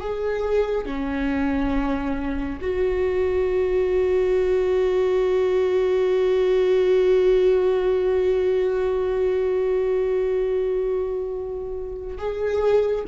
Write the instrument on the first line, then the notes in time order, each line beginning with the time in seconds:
viola
0.00 G#4
0.85 C#4
2.60 F#4
12.17 G#4